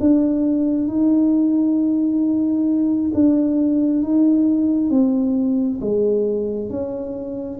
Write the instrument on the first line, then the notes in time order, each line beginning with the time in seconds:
tuba
0.00 D4
0.88 D#4
3.14 D4
4.03 D#4
4.90 C4
5.81 G#3
6.69 C#4